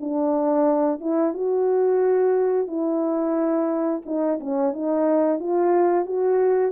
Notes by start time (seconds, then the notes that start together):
0.00 D4
1.00 E4
1.34 F#4
2.67 E4
4.05 D#4
4.40 C#4
4.73 D#4
5.39 F4
6.05 F#4